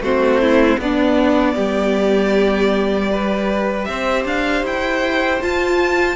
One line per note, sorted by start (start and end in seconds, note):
0.00 0.77 A3
0.00 0.80 C4
0.00 0.41 F#4
0.00 0.80 C5
0.41 0.80 E4
0.79 1.55 B3
0.79 3.11 B3
0.79 1.55 D4
0.79 3.84 D5
1.55 3.88 G3
1.55 3.09 G4
3.11 5.41 G4
3.11 3.88 B4
3.84 4.25 C4
3.84 6.16 C5
3.84 4.23 E5
4.25 4.62 D4
4.25 4.65 F5
4.62 5.39 E4
4.62 5.42 G5
5.41 6.16 F4
5.41 6.16 A5